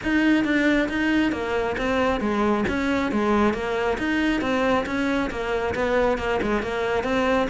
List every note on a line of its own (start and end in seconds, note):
0.03 0.44 D#4
0.44 0.88 D4
0.88 1.31 D#4
1.31 1.75 A#3
1.77 2.20 C4
2.20 2.64 G#3
2.68 3.11 C#4
3.11 3.53 G#3
3.53 3.97 A#3
3.98 4.41 D#4
4.41 4.85 C4
4.85 5.30 C#4
5.30 5.74 A#3
5.74 6.18 B3
6.18 6.40 A#3
6.42 6.62 G#3
6.62 7.03 A#3
7.03 7.47 C4